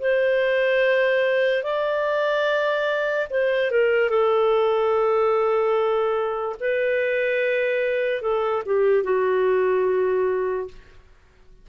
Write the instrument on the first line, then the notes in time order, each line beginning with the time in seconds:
clarinet
0.00 C5
1.64 D5
3.30 C5
3.71 A#4
4.10 A4
6.60 B4
8.22 A4
8.66 G4
9.04 F#4